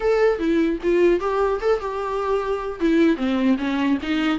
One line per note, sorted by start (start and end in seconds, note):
0.00 0.39 A4
0.39 0.79 E4
0.82 1.19 F4
1.19 1.59 G4
1.60 1.80 A4
1.80 2.79 G4
2.79 3.17 E4
3.17 3.57 C4
3.58 3.98 C#4
4.02 4.38 D#4